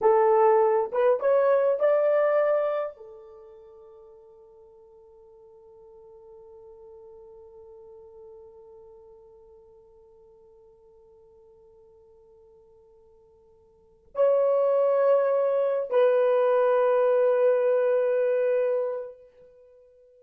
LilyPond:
\new Staff \with { instrumentName = "horn" } { \time 4/4 \tempo 4 = 100 a'4. b'8 cis''4 d''4~ | d''4 a'2.~ | a'1~ | a'1~ |
a'1~ | a'2.~ a'8 cis''8~ | cis''2~ cis''8 b'4.~ | b'1 | }